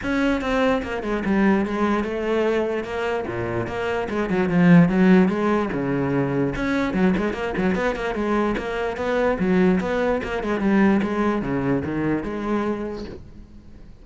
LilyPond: \new Staff \with { instrumentName = "cello" } { \time 4/4 \tempo 4 = 147 cis'4 c'4 ais8 gis8 g4 | gis4 a2 ais4 | ais,4 ais4 gis8 fis8 f4 | fis4 gis4 cis2 |
cis'4 fis8 gis8 ais8 fis8 b8 ais8 | gis4 ais4 b4 fis4 | b4 ais8 gis8 g4 gis4 | cis4 dis4 gis2 | }